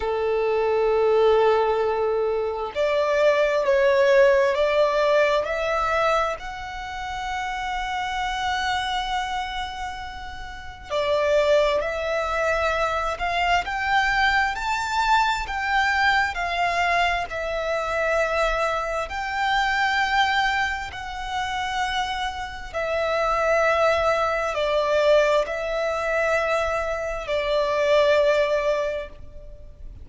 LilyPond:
\new Staff \with { instrumentName = "violin" } { \time 4/4 \tempo 4 = 66 a'2. d''4 | cis''4 d''4 e''4 fis''4~ | fis''1 | d''4 e''4. f''8 g''4 |
a''4 g''4 f''4 e''4~ | e''4 g''2 fis''4~ | fis''4 e''2 d''4 | e''2 d''2 | }